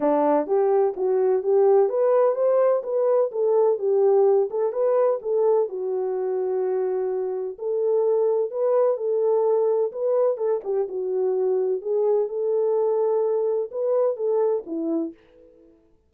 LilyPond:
\new Staff \with { instrumentName = "horn" } { \time 4/4 \tempo 4 = 127 d'4 g'4 fis'4 g'4 | b'4 c''4 b'4 a'4 | g'4. a'8 b'4 a'4 | fis'1 |
a'2 b'4 a'4~ | a'4 b'4 a'8 g'8 fis'4~ | fis'4 gis'4 a'2~ | a'4 b'4 a'4 e'4 | }